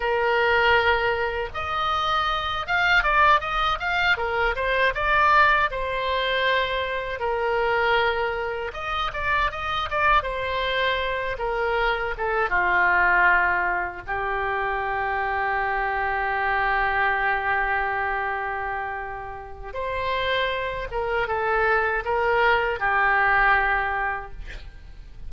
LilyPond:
\new Staff \with { instrumentName = "oboe" } { \time 4/4 \tempo 4 = 79 ais'2 dis''4. f''8 | d''8 dis''8 f''8 ais'8 c''8 d''4 c''8~ | c''4. ais'2 dis''8 | d''8 dis''8 d''8 c''4. ais'4 |
a'8 f'2 g'4.~ | g'1~ | g'2 c''4. ais'8 | a'4 ais'4 g'2 | }